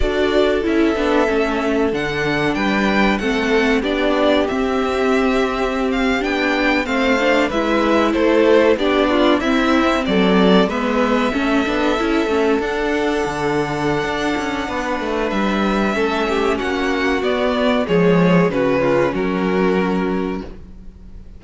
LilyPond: <<
  \new Staff \with { instrumentName = "violin" } { \time 4/4 \tempo 4 = 94 d''4 e''2 fis''4 | g''4 fis''4 d''4 e''4~ | e''4~ e''16 f''8 g''4 f''4 e''16~ | e''8. c''4 d''4 e''4 d''16~ |
d''8. e''2. fis''16~ | fis''1 | e''2 fis''4 d''4 | cis''4 b'4 ais'2 | }
  \new Staff \with { instrumentName = "violin" } { \time 4/4 a'1 | b'4 a'4 g'2~ | g'2~ g'8. c''4 b'16~ | b'8. a'4 g'8 f'8 e'4 a'16~ |
a'8. b'4 a'2~ a'16~ | a'2. b'4~ | b'4 a'8 g'8 fis'2 | gis'4 fis'8 f'8 fis'2 | }
  \new Staff \with { instrumentName = "viola" } { \time 4/4 fis'4 e'8 d'8 cis'4 d'4~ | d'4 c'4 d'4 c'4~ | c'4.~ c'16 d'4 c'8 d'8 e'16~ | e'4.~ e'16 d'4 c'4~ c'16~ |
c'8. b4 cis'8 d'8 e'8 cis'8 d'16~ | d'1~ | d'4 cis'2 b4 | gis4 cis'2. | }
  \new Staff \with { instrumentName = "cello" } { \time 4/4 d'4 cis'8 b8 a4 d4 | g4 a4 b4 c'4~ | c'4.~ c'16 b4 a4 gis16~ | gis8. a4 b4 c'4 fis16~ |
fis8. gis4 a8 b8 cis'8 a8 d'16~ | d'8. d4~ d16 d'8 cis'8 b8 a8 | g4 a4 ais4 b4 | f4 cis4 fis2 | }
>>